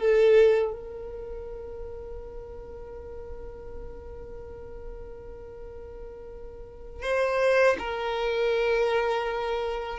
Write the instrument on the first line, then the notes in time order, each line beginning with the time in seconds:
violin
0.00 A4
0.73 A#4
7.03 C5
7.79 A#4